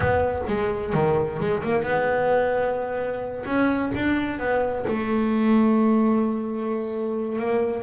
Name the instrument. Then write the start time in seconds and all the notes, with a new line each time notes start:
double bass
0.00 B3
0.47 G#3
0.93 D#3
1.40 G#3
1.63 A#3
1.83 B3
3.45 C#4
3.94 D4
4.39 B3
4.87 A3
7.38 A#3